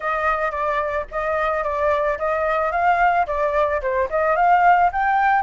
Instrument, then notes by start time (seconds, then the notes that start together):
flute
0.00 D#5
0.51 D5
1.11 D#5
1.63 D5
2.18 D#5
2.71 F5
3.26 D5
3.81 C5
4.09 D#5
4.36 F5
4.92 G5